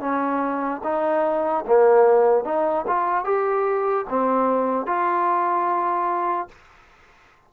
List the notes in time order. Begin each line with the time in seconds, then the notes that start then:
0.00 C#4
0.83 D#4
1.67 A#3
2.44 D#4
2.87 F4
3.24 G4
4.09 C4
4.86 F4